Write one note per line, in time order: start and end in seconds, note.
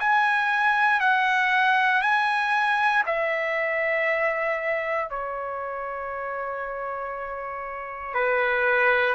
0.00 1.00 G#5
1.00 2.02 F#5
2.02 3.03 G#5
3.06 5.09 E5
5.10 8.14 C#5
8.14 9.14 B4